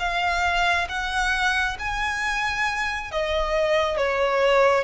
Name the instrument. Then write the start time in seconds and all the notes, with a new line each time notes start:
violin
0.00 F5
0.89 F#5
1.79 G#5
3.12 D#5
3.97 C#5